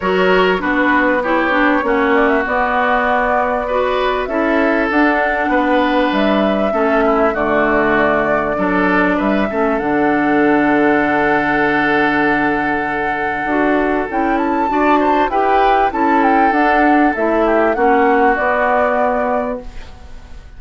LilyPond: <<
  \new Staff \with { instrumentName = "flute" } { \time 4/4 \tempo 4 = 98 cis''4 b'4 cis''4. d''16 e''16 | d''2. e''4 | fis''2 e''2 | d''2. e''4 |
fis''1~ | fis''2. g''8 a''8~ | a''4 g''4 a''8 g''8 fis''4 | e''4 fis''4 d''2 | }
  \new Staff \with { instrumentName = "oboe" } { \time 4/4 ais'4 fis'4 g'4 fis'4~ | fis'2 b'4 a'4~ | a'4 b'2 a'8 e'8 | fis'2 a'4 b'8 a'8~ |
a'1~ | a'1 | d''8 c''8 b'4 a'2~ | a'8 g'8 fis'2. | }
  \new Staff \with { instrumentName = "clarinet" } { \time 4/4 fis'4 d'4 e'8 d'8 cis'4 | b2 fis'4 e'4 | d'2. cis'4 | a2 d'4. cis'8 |
d'1~ | d'2 fis'4 e'4 | fis'4 g'4 e'4 d'4 | e'4 cis'4 b2 | }
  \new Staff \with { instrumentName = "bassoon" } { \time 4/4 fis4 b2 ais4 | b2. cis'4 | d'4 b4 g4 a4 | d2 fis4 g8 a8 |
d1~ | d2 d'4 cis'4 | d'4 e'4 cis'4 d'4 | a4 ais4 b2 | }
>>